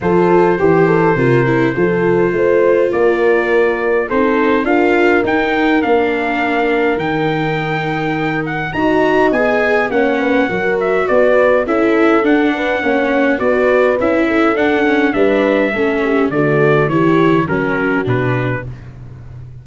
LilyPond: <<
  \new Staff \with { instrumentName = "trumpet" } { \time 4/4 \tempo 4 = 103 c''1~ | c''4 d''2 c''4 | f''4 g''4 f''2 | g''2~ g''8 fis''8 ais''4 |
gis''4 fis''4. e''8 d''4 | e''4 fis''2 d''4 | e''4 fis''4 e''2 | d''4 cis''4 ais'4 b'4 | }
  \new Staff \with { instrumentName = "horn" } { \time 4/4 a'4 g'8 a'8 ais'4 a'4 | c''4 ais'2 a'4 | ais'1~ | ais'2. dis''4~ |
dis''4 cis''8 b'8 ais'4 b'4 | a'4. b'8 cis''4 b'4~ | b'8 a'4. b'4 a'8 g'8 | fis'4 g'4 fis'2 | }
  \new Staff \with { instrumentName = "viola" } { \time 4/4 f'4 g'4 f'8 e'8 f'4~ | f'2. dis'4 | f'4 dis'4 d'2 | dis'2. fis'4 |
gis'4 cis'4 fis'2 | e'4 d'4 cis'4 fis'4 | e'4 d'8 cis'8 d'4 cis'4 | a4 e'4 cis'4 d'4 | }
  \new Staff \with { instrumentName = "tuba" } { \time 4/4 f4 e4 c4 f4 | a4 ais2 c'4 | d'4 dis'4 ais2 | dis2. dis'4 |
b4 ais4 fis4 b4 | cis'4 d'4 ais4 b4 | cis'4 d'4 g4 a4 | d4 e4 fis4 b,4 | }
>>